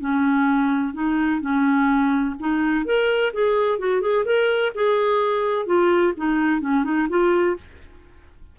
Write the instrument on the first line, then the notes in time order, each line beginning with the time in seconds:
clarinet
0.00 C#4
0.93 D#4
1.41 C#4
2.39 D#4
2.85 A#4
3.33 G#4
3.79 F#4
4.01 G#4
4.25 A#4
4.75 G#4
5.66 F4
6.17 D#4
6.61 C#4
6.84 D#4
7.09 F4